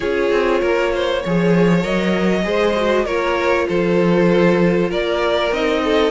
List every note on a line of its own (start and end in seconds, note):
0.00 0.31 C#4
0.00 1.20 F4
0.00 0.61 G#4
0.00 1.83 C#5
0.31 0.62 C4
0.61 1.23 A#3
0.61 0.91 A#4
0.94 1.22 C5
1.22 1.85 F3
1.22 1.81 G#4
1.22 2.44 C#5
1.81 2.45 F#3
1.81 2.42 A#4
1.81 3.05 D#5
2.43 3.05 G#3
2.43 2.74 G#4
2.43 3.05 C5
2.76 3.07 F#4
3.05 3.66 A#3
3.05 5.52 F4
3.05 3.66 A#4
3.05 3.67 C#5
3.68 4.91 F3
3.68 4.89 A4
3.68 4.91 C5
4.89 5.51 A#3
4.89 5.81 A#4
4.89 5.53 D5
5.51 6.11 C4
5.51 6.11 D#4
5.51 6.11 D#5
5.84 6.11 A4